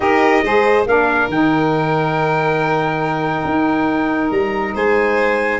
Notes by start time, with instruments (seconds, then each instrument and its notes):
0.00 tuba D#4, saxophone G4, violin A#4, trumpet D#5
0.43 tuba G#3, saxophone G#4, violin C5
0.85 tuba A#3, saxophone D4, violin A#4, trumpet F5
1.28 tuba D#3, saxophone D#4, trumpet G5
3.44 tuba D#4
4.30 tuba G3, trumpet A#5
4.74 tuba G#3, violin C5, trumpet G#5